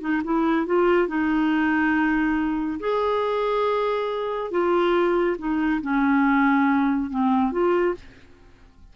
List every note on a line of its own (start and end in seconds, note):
0.00 0.21 D#4
0.24 0.66 E4
0.66 1.08 F4
1.08 2.79 D#4
2.79 4.50 G#4
4.50 5.36 F4
5.38 5.81 D#4
5.81 7.10 C#4
7.10 7.51 C4
7.51 7.94 F4